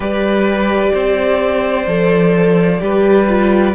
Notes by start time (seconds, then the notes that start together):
0.00 G3 G4 B4 D5
0.93 C4 C5
1.86 F3 A4
2.79 G3 G4 B4
3.28 F4